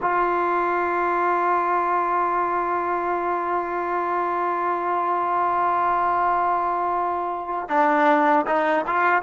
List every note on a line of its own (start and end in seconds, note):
0.01 7.69 F4
7.69 8.45 D4
8.47 8.85 D#4
8.87 9.22 F4